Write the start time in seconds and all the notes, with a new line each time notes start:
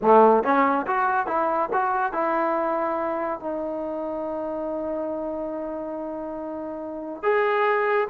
0.02 A3
0.43 C#4
0.86 F#4
1.26 E4
1.72 F#4
2.12 E4
3.40 D#4
7.22 G#4